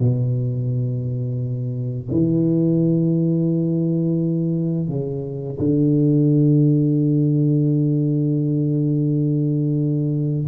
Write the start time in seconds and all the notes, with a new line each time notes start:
0.00 B2
2.12 E3
4.89 C#3
5.59 D3